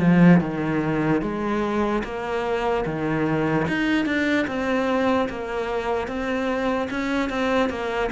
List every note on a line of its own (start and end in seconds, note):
0.00 0.41 F3
0.41 1.22 D#3
1.22 2.03 G#3
2.04 2.85 A#3
2.86 3.67 D#3
3.68 4.05 D#4
4.05 4.46 D4
4.47 5.28 C4
5.29 6.07 A#3
6.07 6.88 C4
6.90 7.29 C#4
7.29 7.70 C4
7.70 8.10 A#3